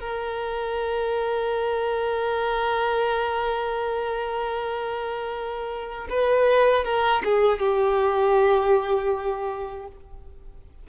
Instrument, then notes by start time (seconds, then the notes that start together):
violin
0.00 A#4
6.10 B4
6.85 A#4
7.25 G#4
7.59 G4